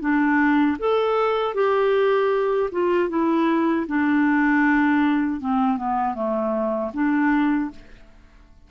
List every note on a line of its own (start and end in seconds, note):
0.00 0.77 D4
0.78 1.54 A4
1.54 2.70 G4
2.71 3.09 F4
3.09 3.86 E4
3.87 5.40 D4
5.40 5.77 C4
5.77 6.14 B3
6.14 6.91 A3
6.93 7.70 D4